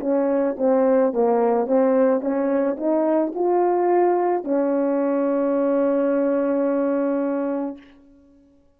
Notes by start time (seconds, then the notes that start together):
0.00 C#4
0.58 C4
1.13 A#3
1.67 C4
2.21 C#4
2.77 D#4
3.34 F4
4.44 C#4